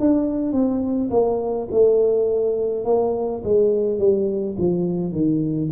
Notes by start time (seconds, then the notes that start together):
0.00 D4
0.52 C4
1.10 A#3
1.72 A3
2.85 A#3
3.44 G#3
3.99 G3
4.58 F3
5.12 D#3